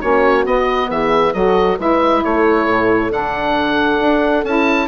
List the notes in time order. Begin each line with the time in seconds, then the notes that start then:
0.00 A#3 C#4 F#4 C#5
0.45 B3 D#5
0.90 E3 G#4 E5
1.33 F#3 F#4 A4 D#5
1.77 G#3 E4 B4 E5
2.24 A3 A4 C#5
2.66 A2
3.10 D3 D4 F#5
4.00 D4
4.44 C#4 E4 A5